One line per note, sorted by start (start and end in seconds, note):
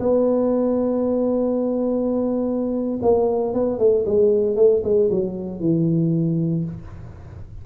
0.00 3.00 B3
3.03 3.54 A#3
3.54 3.79 B3
3.79 4.06 A3
4.06 4.57 G#3
4.57 4.83 A3
4.85 5.11 G#3
5.11 5.60 F#3
5.60 6.65 E3